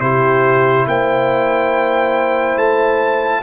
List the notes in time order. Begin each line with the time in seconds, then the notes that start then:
0.00 C3 E4 G4 C5
0.87 A#3 C5 G5
2.56 A3 A5